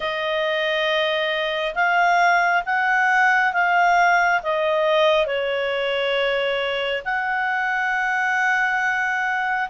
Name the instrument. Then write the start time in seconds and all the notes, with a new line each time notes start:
clarinet
0.00 D#5
1.74 F5
2.65 F#5
3.53 F5
4.42 D#5
5.26 C#5
7.04 F#5